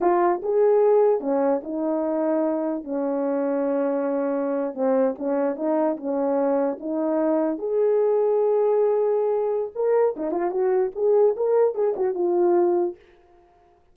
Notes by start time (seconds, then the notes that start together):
0.00 F4
0.42 G#4
1.20 C#4
1.63 D#4
2.83 C#4
4.74 C4
5.18 C#4
5.55 D#4
5.96 C#4
6.80 D#4
7.58 G#4
9.75 A#4
10.16 D#4
10.31 F4
10.50 F#4
10.95 G#4
11.36 A#4
11.74 G#4
11.96 F#4
12.14 F4